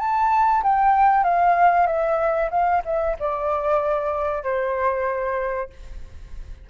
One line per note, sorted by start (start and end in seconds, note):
0.00 0.63 A5
0.63 1.24 G5
1.24 1.87 F5
1.87 2.50 E5
2.51 2.83 F5
2.86 3.17 E5
3.20 4.44 D5
4.44 5.70 C5